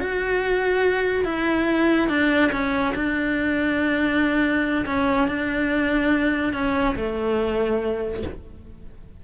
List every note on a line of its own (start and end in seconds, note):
0.00 1.25 F#4
1.25 2.09 E4
2.09 2.51 D4
2.52 2.94 C#4
2.95 4.85 D4
4.86 5.28 C#4
5.28 6.53 D4
6.53 6.95 C#4
6.96 8.23 A3